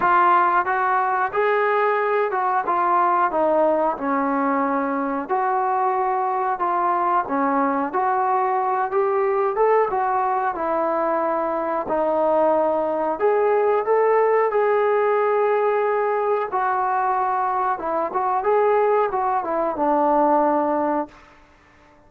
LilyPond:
\new Staff \with { instrumentName = "trombone" } { \time 4/4 \tempo 4 = 91 f'4 fis'4 gis'4. fis'8 | f'4 dis'4 cis'2 | fis'2 f'4 cis'4 | fis'4. g'4 a'8 fis'4 |
e'2 dis'2 | gis'4 a'4 gis'2~ | gis'4 fis'2 e'8 fis'8 | gis'4 fis'8 e'8 d'2 | }